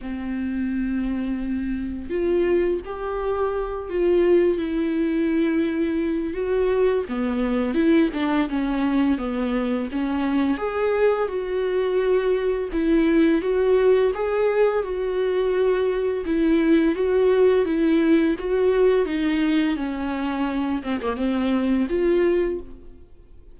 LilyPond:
\new Staff \with { instrumentName = "viola" } { \time 4/4 \tempo 4 = 85 c'2. f'4 | g'4. f'4 e'4.~ | e'4 fis'4 b4 e'8 d'8 | cis'4 b4 cis'4 gis'4 |
fis'2 e'4 fis'4 | gis'4 fis'2 e'4 | fis'4 e'4 fis'4 dis'4 | cis'4. c'16 ais16 c'4 f'4 | }